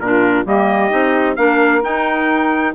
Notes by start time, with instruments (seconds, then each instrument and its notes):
0.00 bassoon A#2, clarinet D4, saxophone F4, trumpet A#4
0.45 bassoon G3, clarinet A#3, saxophone G4, trumpet D#5
0.90 bassoon C4, clarinet D#4
1.36 bassoon A#3, clarinet D4, saxophone A#4, trumpet F5
1.82 clarinet D#4, bassoon D#4, trumpet G5